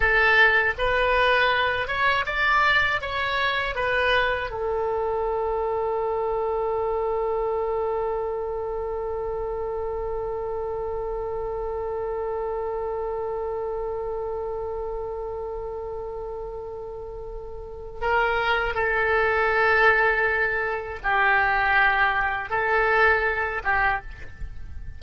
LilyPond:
\new Staff \with { instrumentName = "oboe" } { \time 4/4 \tempo 4 = 80 a'4 b'4. cis''8 d''4 | cis''4 b'4 a'2~ | a'1~ | a'1~ |
a'1~ | a'1 | ais'4 a'2. | g'2 a'4. g'8 | }